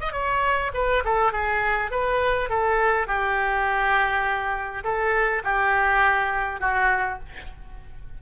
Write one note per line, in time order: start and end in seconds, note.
0.00 0.12 D#5
0.12 0.71 C#5
0.74 1.03 B4
1.05 1.32 A4
1.32 1.91 G#4
1.91 2.49 B4
2.49 3.07 A4
3.07 4.83 G4
4.84 5.43 A4
5.44 6.60 G4
6.60 7.19 F#4